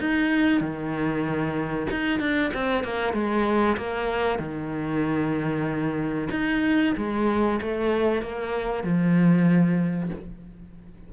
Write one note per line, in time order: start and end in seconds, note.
0.00 0.61 D#4
0.61 1.87 D#3
1.91 2.20 D#4
2.20 2.51 D4
2.54 2.84 C4
2.84 3.13 A#3
3.13 3.77 G#3
3.77 4.39 A#3
4.39 6.29 D#3
6.31 6.94 D#4
6.97 7.60 G#3
7.61 8.22 A3
8.22 8.84 A#3
8.84 10.10 F3